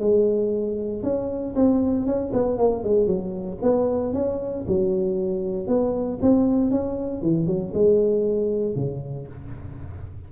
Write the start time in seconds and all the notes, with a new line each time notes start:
0.00 G#3
1.03 C#4
1.56 C4
2.06 C#4
2.33 B3
2.58 A#3
2.84 G#3
3.07 F#3
3.63 B3
4.14 C#4
4.68 F#3
5.68 B3
6.22 C4
6.71 C#4
7.22 E3
7.47 F#3
7.74 G#3
8.76 C#3